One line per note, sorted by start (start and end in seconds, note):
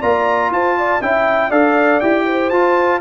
0.00 0.50 A#3
0.00 1.02 F4
0.00 0.50 D5
0.00 0.52 A#5
0.50 1.00 F4
0.50 0.78 C5
0.50 1.02 A5
0.78 1.02 D5
1.01 1.51 C#4
1.01 1.51 E4
1.01 1.50 E5
1.01 1.51 G5
1.50 2.01 D4
1.50 2.01 A4
1.50 2.25 D5
1.50 2.00 F5
2.00 2.51 E4
2.00 2.52 G4
2.00 2.50 G5
2.26 3.01 C5
2.50 3.01 F4
2.50 3.00 A5